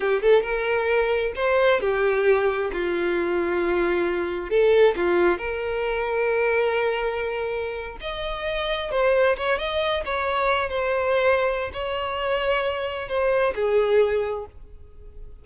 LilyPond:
\new Staff \with { instrumentName = "violin" } { \time 4/4 \tempo 4 = 133 g'8 a'8 ais'2 c''4 | g'2 f'2~ | f'2 a'4 f'4 | ais'1~ |
ais'4.~ ais'16 dis''2 c''16~ | c''8. cis''8 dis''4 cis''4. c''16~ | c''2 cis''2~ | cis''4 c''4 gis'2 | }